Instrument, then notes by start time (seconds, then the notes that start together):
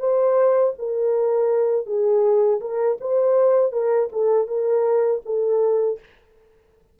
horn
0.00 C5
0.79 A#4
1.87 G#4
2.61 A#4
3.01 C5
3.72 A#4
4.13 A4
4.48 A#4
5.26 A4